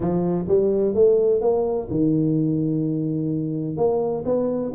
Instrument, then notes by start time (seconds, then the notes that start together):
tuba
0.00 F3
0.48 G3
0.94 A3
1.41 A#3
1.90 D#3
3.76 A#3
4.25 B3